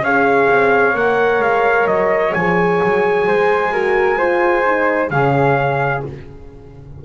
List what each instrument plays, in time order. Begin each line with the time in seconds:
0.00 double bass C#4, horn G#4, flute C#5, trumpet F5
0.48 double bass C4
0.94 double bass A#3, horn A#4, trumpet F#5
1.39 double bass G#3, trumpet F5
1.86 double bass F#3, trumpet D#5
2.33 double bass F3, horn G#4, trumpet G#5
2.83 double bass F#3
3.27 double bass G#3, flute C5
3.72 horn F#4, flute A#4
4.17 horn F4, flute C5
4.66 horn D#4
5.10 double bass C#3, horn C#4, flute G#4, trumpet F5